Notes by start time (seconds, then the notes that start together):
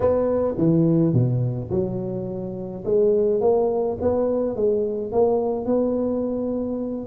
0.00 B3
0.57 E3
1.13 B2
1.70 F#3
2.84 G#3
3.40 A#3
4.01 B3
4.56 G#3
5.12 A#3
5.65 B3